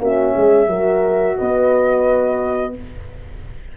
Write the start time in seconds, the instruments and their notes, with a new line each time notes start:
0.00 tuba A#3, horn C#4 F#4, flute E5
0.35 tuba G#3, horn G#4
0.67 tuba F#3, horn F#4 A#4
1.37 tuba B3, horn B4, flute D#5